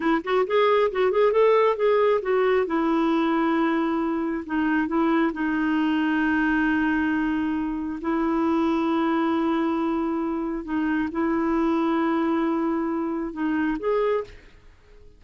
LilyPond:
\new Staff \with { instrumentName = "clarinet" } { \time 4/4 \tempo 4 = 135 e'8 fis'8 gis'4 fis'8 gis'8 a'4 | gis'4 fis'4 e'2~ | e'2 dis'4 e'4 | dis'1~ |
dis'2 e'2~ | e'1 | dis'4 e'2.~ | e'2 dis'4 gis'4 | }